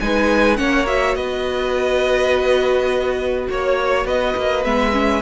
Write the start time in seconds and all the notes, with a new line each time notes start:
0.00 G#3 D#4 B4 G#5
0.57 A#3 C#4 C#5 F#5
0.87 F#4 E5
1.15 B3 B4 D#5
3.50 A#3 C#5
4.05 B3 B4 D#5
4.36 A#3
4.65 G#3 B3 E5
4.92 C#4